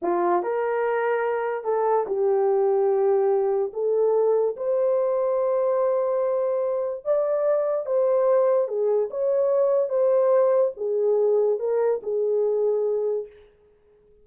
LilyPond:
\new Staff \with { instrumentName = "horn" } { \time 4/4 \tempo 4 = 145 f'4 ais'2. | a'4 g'2.~ | g'4 a'2 c''4~ | c''1~ |
c''4 d''2 c''4~ | c''4 gis'4 cis''2 | c''2 gis'2 | ais'4 gis'2. | }